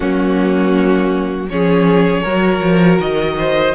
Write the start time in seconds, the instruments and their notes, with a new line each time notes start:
0.00 cello F#3, viola A#3, violin C#4 F#4
1.49 cello F3, viola C#4, violin G#4 C#5
2.22 cello F#3, viola F#4, violin A#4
2.61 cello F3
2.99 cello D#3, violin D#5
3.38 violin C5